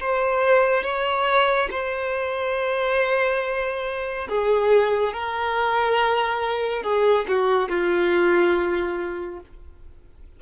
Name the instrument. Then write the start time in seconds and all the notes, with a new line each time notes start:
violin
0.00 C5
0.83 C#5
1.71 C5
4.29 G#4
5.13 A#4
6.83 G#4
7.28 F#4
7.68 F4